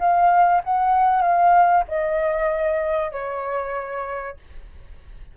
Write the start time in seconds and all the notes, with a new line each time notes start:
0.00 F5
0.64 F#5
1.22 F5
1.89 D#5
3.12 C#5